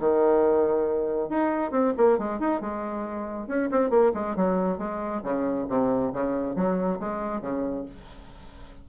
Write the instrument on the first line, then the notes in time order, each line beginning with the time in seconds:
bassoon
0.00 D#3
1.30 D#4
1.72 C4
1.97 A#3
2.19 G#3
2.40 D#4
2.61 G#3
3.48 C#4
3.71 C4
3.90 A#3
4.14 G#3
4.36 F#3
4.79 G#3
5.23 C#3
5.69 C3
6.14 C#3
6.56 F#3
7.00 G#3
7.42 C#3